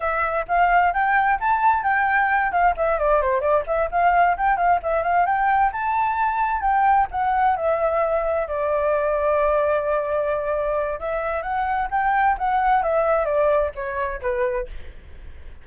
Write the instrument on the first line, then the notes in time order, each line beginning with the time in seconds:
flute
0.00 E5
0.47 F5
0.93 G5
1.40 A5
1.83 G5
2.52 F5
2.76 E5
2.99 D5
3.21 C5
3.40 D5
3.66 E5
3.91 F5
4.37 G5
4.57 F5
4.83 E5
5.03 F5
5.25 G5
5.72 A5
6.61 G5
7.11 F#5
7.56 E5
8.47 D5
10.99 E5
11.42 F#5
11.90 G5
12.38 F#5
12.82 E5
13.25 D5
13.75 C#5
14.21 B4